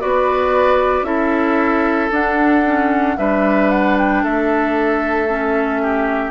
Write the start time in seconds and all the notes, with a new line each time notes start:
0.00 B3 F#4 B4 D5
1.03 C#4 E4 A4 E5
2.12 D4 F#5
2.65 C#4
3.17 G3 D4 B4 E5
3.71 F#5
3.98 G5
4.24 A3 A4 E5
5.29 C#4
5.82 G4